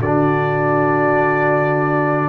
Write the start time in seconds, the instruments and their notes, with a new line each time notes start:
0.00 tuba D3, horn F#4, trumpet D5
0.06 trombone D4